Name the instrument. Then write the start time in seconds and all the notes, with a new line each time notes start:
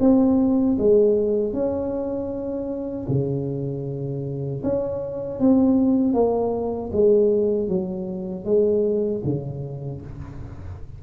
tuba
0.00 C4
0.78 G#3
1.53 C#4
3.09 C#3
4.63 C#4
5.40 C4
6.14 A#3
6.92 G#3
7.68 F#3
8.45 G#3
9.24 C#3